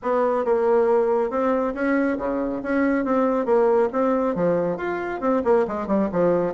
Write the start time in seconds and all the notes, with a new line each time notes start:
0.02 B3
0.44 A#3
1.30 C4
1.74 C#4
2.18 C#3
2.62 C#4
3.04 C4
3.45 A#3
3.92 C4
4.35 F3
4.77 F4
5.20 C4
5.44 A#3
5.67 G#3
5.87 G3
6.12 F3